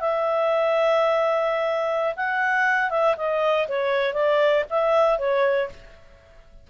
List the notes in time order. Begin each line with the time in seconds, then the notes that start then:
0.00 E5
2.16 F#5
2.90 E5
3.17 D#5
3.68 C#5
4.13 D5
4.70 E5
5.18 C#5